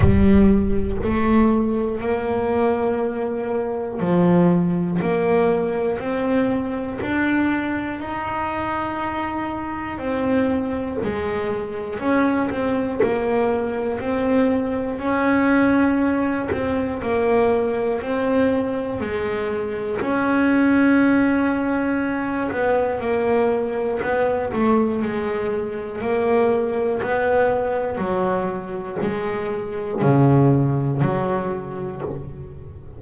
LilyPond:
\new Staff \with { instrumentName = "double bass" } { \time 4/4 \tempo 4 = 60 g4 a4 ais2 | f4 ais4 c'4 d'4 | dis'2 c'4 gis4 | cis'8 c'8 ais4 c'4 cis'4~ |
cis'8 c'8 ais4 c'4 gis4 | cis'2~ cis'8 b8 ais4 | b8 a8 gis4 ais4 b4 | fis4 gis4 cis4 fis4 | }